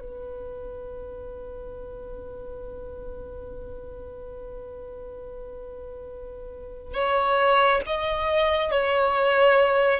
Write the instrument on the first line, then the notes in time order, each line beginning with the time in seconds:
violin
0.00 B4
6.94 C#5
7.86 D#5
8.71 C#5